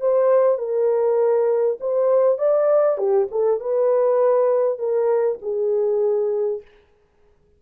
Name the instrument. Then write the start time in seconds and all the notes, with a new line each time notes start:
horn
0.00 C5
0.58 A#4
1.80 C5
2.38 D5
2.98 G4
3.31 A4
3.60 B4
4.78 A#4
5.41 G#4